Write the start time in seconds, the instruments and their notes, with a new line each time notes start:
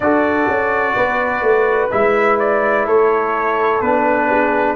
0.00 tuba D4, trombone F#4, horn A4, trumpet D5
0.47 tuba C#4
0.95 tuba B3, horn B4
1.42 tuba A3
1.90 tuba G#3, trombone E4, trumpet E5
2.39 trumpet D5
2.86 tuba A3, horn A4, trumpet C#5
3.81 tuba B3, trombone D4, trumpet B4
4.30 horn G#4